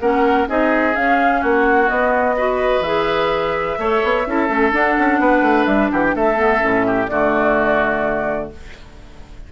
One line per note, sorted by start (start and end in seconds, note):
0.00 0.47 A#3
0.00 0.48 C#4
0.00 0.49 A#4
0.00 0.48 F#5
0.48 0.96 C4
0.48 0.94 D#4
0.48 1.41 G#4
0.48 0.96 D#5
0.94 1.88 C#4
0.94 1.43 C#4
0.94 1.43 F5
1.41 1.90 A#3
1.41 2.36 F#4
1.41 1.89 F#5
1.88 2.35 B3
1.88 2.81 B3
1.88 2.83 D#5
2.37 2.84 F#4
2.37 3.78 B4
2.81 3.75 E3
2.81 3.78 G#4
2.81 4.72 E5
3.78 4.02 A3
3.78 4.25 A4
3.78 4.27 C#5
4.04 4.27 B3
4.27 4.49 C#4
4.27 4.48 E4
4.27 5.21 A4
4.48 4.72 A3
4.48 4.71 C#4
4.71 6.36 D4
4.71 4.97 D4
4.71 5.65 F#5
4.99 5.19 C#4
5.19 5.42 B3
5.19 5.92 B4
5.42 5.65 A3
5.65 5.90 G3
5.65 5.89 E5
5.92 6.15 E3
5.92 6.15 G4
5.92 6.04 F#5
6.04 6.15 G5
6.15 6.62 A3
6.15 6.86 A4
6.15 7.08 E5
6.36 6.59 B3
6.59 7.10 A2
6.59 7.06 C#4
6.86 7.10 G4
7.08 8.52 D3
7.08 8.52 A3
7.08 8.52 F#4
7.08 8.50 D5